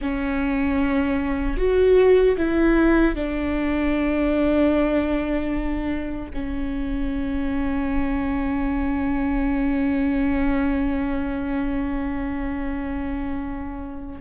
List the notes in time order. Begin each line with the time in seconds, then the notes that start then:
0.01 C#4
1.57 F#4
2.37 E4
3.15 D4
6.33 C#4